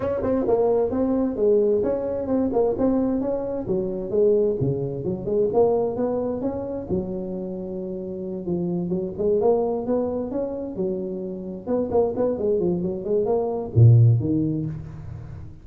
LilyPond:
\new Staff \with { instrumentName = "tuba" } { \time 4/4 \tempo 4 = 131 cis'8 c'8 ais4 c'4 gis4 | cis'4 c'8 ais8 c'4 cis'4 | fis4 gis4 cis4 fis8 gis8 | ais4 b4 cis'4 fis4~ |
fis2~ fis8 f4 fis8 | gis8 ais4 b4 cis'4 fis8~ | fis4. b8 ais8 b8 gis8 f8 | fis8 gis8 ais4 ais,4 dis4 | }